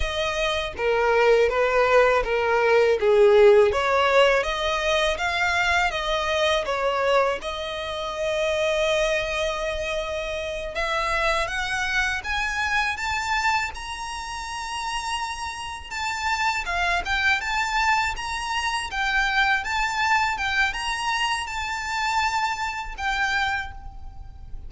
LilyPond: \new Staff \with { instrumentName = "violin" } { \time 4/4 \tempo 4 = 81 dis''4 ais'4 b'4 ais'4 | gis'4 cis''4 dis''4 f''4 | dis''4 cis''4 dis''2~ | dis''2~ dis''8 e''4 fis''8~ |
fis''8 gis''4 a''4 ais''4.~ | ais''4. a''4 f''8 g''8 a''8~ | a''8 ais''4 g''4 a''4 g''8 | ais''4 a''2 g''4 | }